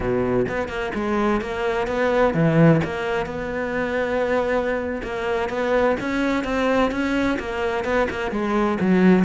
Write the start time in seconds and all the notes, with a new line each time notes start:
0.00 B2
0.48 B3
0.68 A#3
0.94 G#3
1.41 A#3
1.87 B3
2.34 E3
2.84 A#3
3.26 B3
5.03 A#3
5.49 B3
6.00 C#4
6.44 C4
6.91 C#4
7.39 A#3
7.84 B3
8.09 A#3
8.31 G#3
8.80 F#3